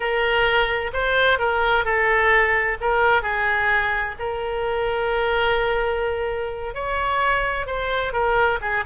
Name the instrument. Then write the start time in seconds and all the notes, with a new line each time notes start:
oboe
0.00 A#4
0.93 C5
1.38 A#4
1.84 A4
2.80 A#4
3.22 G#4
4.19 A#4
6.74 C#5
7.66 C5
8.12 A#4
8.61 G#4